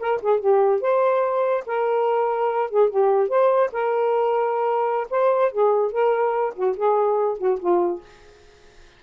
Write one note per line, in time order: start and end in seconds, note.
0.00 0.21 A#4
0.22 0.40 G#4
0.40 0.81 G4
0.81 1.65 C5
1.67 2.70 A#4
2.70 2.90 G#4
2.90 3.29 G4
3.29 3.71 C5
3.72 5.08 A#4
5.11 5.52 C5
5.52 5.92 G#4
5.92 6.55 A#4
6.55 6.76 F#4
6.77 7.38 G#4
7.38 7.59 F#4
7.60 8.01 F4